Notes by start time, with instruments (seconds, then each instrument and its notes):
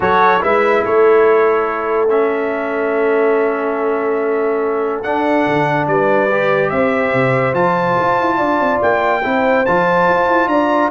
0.00 tuba F#3, trombone F#4, horn A4, trumpet C#5
0.40 tuba G#3, trombone E4, horn B4, trumpet E5
0.84 tuba A3, horn A4, trumpet C#5
2.09 trombone C#4, trumpet E5
5.02 tuba D4, trombone D4, trumpet F#5
5.46 tuba D3
5.86 tuba G3, horn B4, trumpet D5
6.31 trombone G4
6.69 tuba C4, horn C5, trumpet E5
7.13 tuba C3
7.53 tuba F3, trombone F4, trumpet A5
7.99 tuba F4
8.19 tuba E4
8.37 tuba D4, horn D5
8.59 tuba C4
8.82 tuba A#3, trumpet G5
9.23 tuba C4, trombone E4, horn C5
9.65 tuba F3, trombone F4, trumpet A5
10.08 tuba F4
10.26 tuba E4
10.47 tuba D4, horn D5, trumpet A#5